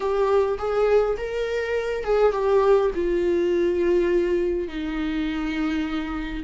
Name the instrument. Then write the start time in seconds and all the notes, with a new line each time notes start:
viola
0.00 G4
0.58 G#4
1.17 A#4
2.04 G#4
2.32 G4
2.94 F4
4.68 D#4